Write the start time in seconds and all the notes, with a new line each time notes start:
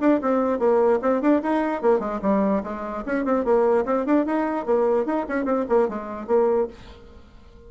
0.00 D4
0.21 C4
0.59 A#3
1.01 C4
1.21 D4
1.42 D#4
1.82 A#3
1.99 G#3
2.22 G3
2.63 G#3
3.06 C#4
3.25 C4
3.44 A#3
3.85 C4
4.05 D4
4.25 D#4
4.65 A#3
5.06 D#4
5.28 C#4
5.45 C4
5.69 A#3
5.88 G#3
6.27 A#3